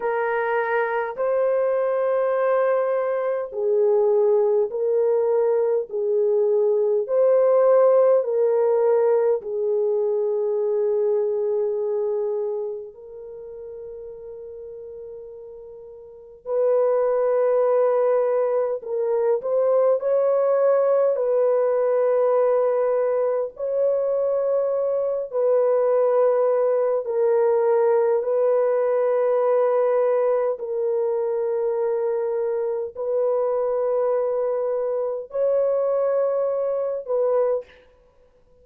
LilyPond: \new Staff \with { instrumentName = "horn" } { \time 4/4 \tempo 4 = 51 ais'4 c''2 gis'4 | ais'4 gis'4 c''4 ais'4 | gis'2. ais'4~ | ais'2 b'2 |
ais'8 c''8 cis''4 b'2 | cis''4. b'4. ais'4 | b'2 ais'2 | b'2 cis''4. b'8 | }